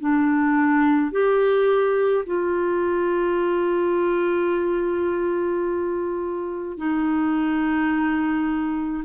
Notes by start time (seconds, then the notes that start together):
0.00 D4
1.12 G4
2.26 F4
6.78 D#4